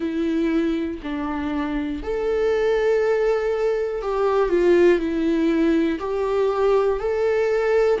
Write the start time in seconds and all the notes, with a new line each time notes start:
0.00 E4
1.03 D4
2.03 A4
4.02 G4
4.49 F4
4.99 E4
5.99 G4
7.00 A4